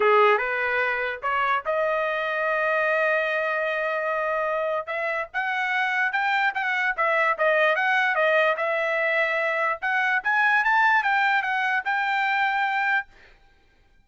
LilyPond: \new Staff \with { instrumentName = "trumpet" } { \time 4/4 \tempo 4 = 147 gis'4 b'2 cis''4 | dis''1~ | dis''1 | e''4 fis''2 g''4 |
fis''4 e''4 dis''4 fis''4 | dis''4 e''2. | fis''4 gis''4 a''4 g''4 | fis''4 g''2. | }